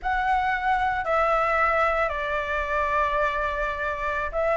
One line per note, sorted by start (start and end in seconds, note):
0.02 1.04 F#5
1.04 2.09 E5
2.09 4.30 D5
4.32 4.57 E5